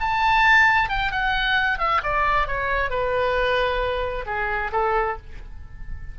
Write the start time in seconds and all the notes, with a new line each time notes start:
0.00 A5
0.89 G5
1.11 F#5
1.78 E5
2.03 D5
2.47 C#5
2.90 B4
4.26 G#4
4.72 A4